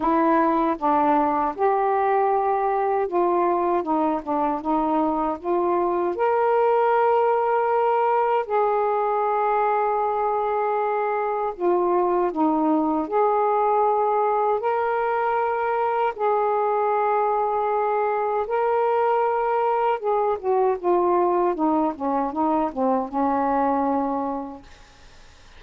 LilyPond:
\new Staff \with { instrumentName = "saxophone" } { \time 4/4 \tempo 4 = 78 e'4 d'4 g'2 | f'4 dis'8 d'8 dis'4 f'4 | ais'2. gis'4~ | gis'2. f'4 |
dis'4 gis'2 ais'4~ | ais'4 gis'2. | ais'2 gis'8 fis'8 f'4 | dis'8 cis'8 dis'8 c'8 cis'2 | }